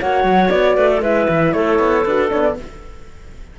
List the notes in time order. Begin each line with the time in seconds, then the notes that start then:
0.00 A#3 F#4 C#5 F#5
0.24 F#3
0.50 B3 D5
0.76 A3 B4
0.90 A4
1.01 G#3 E4 B4 E5
1.29 E3
1.53 A3 A4 C#5
1.79 B3
2.04 D4 F#4 B4
2.29 B3 D4 C#5
2.43 D5